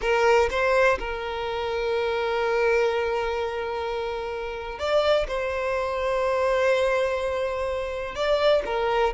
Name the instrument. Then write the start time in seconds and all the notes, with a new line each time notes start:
violin
0.01 A#4
0.50 C5
0.99 A#4
4.78 D5
5.27 C5
8.15 D5
8.65 A#4